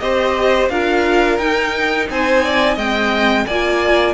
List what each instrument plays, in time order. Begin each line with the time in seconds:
0.00 cello C4, viola G4, violin C5 D#5
0.70 cello D4, viola F4, violin A#4 F5
1.38 cello D#4, viola D#4, violin G5
2.10 cello C4, violin C5 G#5
2.45 violin D5
2.75 cello G#3, viola C4, violin D#5 G5
3.46 cello A#3, viola F4, violin D5 G#5